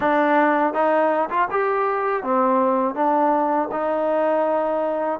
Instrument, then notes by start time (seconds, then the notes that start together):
trombone
0.00 D4
0.73 D#4
1.30 F4
1.51 G4
2.23 C4
2.95 D4
3.71 D#4